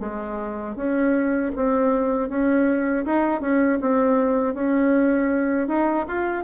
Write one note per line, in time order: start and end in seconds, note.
0.00 0.76 G#3
0.76 1.52 C#4
1.56 2.29 C4
2.29 3.05 C#4
3.06 3.41 D#4
3.41 3.79 C#4
3.81 4.54 C4
4.54 5.68 C#4
5.68 6.06 D#4
6.08 6.44 F4